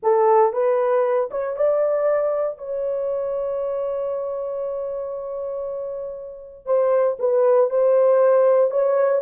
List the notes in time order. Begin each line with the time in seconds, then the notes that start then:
0.03 A4
0.52 B4
1.31 C#5
1.56 D5
2.58 C#5
6.65 C5
7.19 B4
7.70 C5
8.70 C#5